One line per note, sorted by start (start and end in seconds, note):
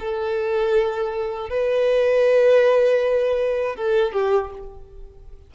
0.00 1.49 A4
1.49 3.76 B4
3.76 4.13 A4
4.13 4.51 G4